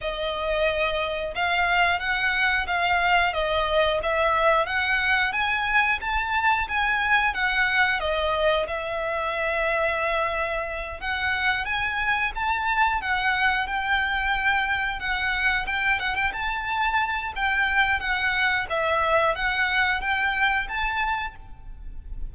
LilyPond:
\new Staff \with { instrumentName = "violin" } { \time 4/4 \tempo 4 = 90 dis''2 f''4 fis''4 | f''4 dis''4 e''4 fis''4 | gis''4 a''4 gis''4 fis''4 | dis''4 e''2.~ |
e''8 fis''4 gis''4 a''4 fis''8~ | fis''8 g''2 fis''4 g''8 | fis''16 g''16 a''4. g''4 fis''4 | e''4 fis''4 g''4 a''4 | }